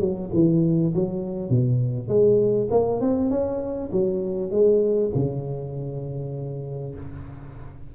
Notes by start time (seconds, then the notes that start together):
0.00 F#3
0.34 E3
0.95 F#3
1.50 B2
2.08 G#3
2.71 A#3
3.01 C4
3.31 C#4
3.92 F#3
4.51 G#3
5.15 C#3